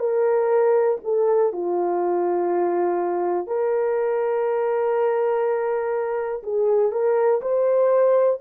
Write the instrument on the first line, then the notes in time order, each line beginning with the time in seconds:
horn
0.00 A#4
1.04 A4
1.53 F4
3.47 A#4
6.43 G#4
6.92 A#4
7.42 C5